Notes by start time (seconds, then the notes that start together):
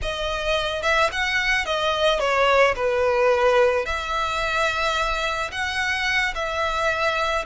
0.02 D#5
0.82 E5
1.12 F#5
1.65 D#5
2.19 C#5
2.75 B4
3.85 E5
5.51 F#5
6.34 E5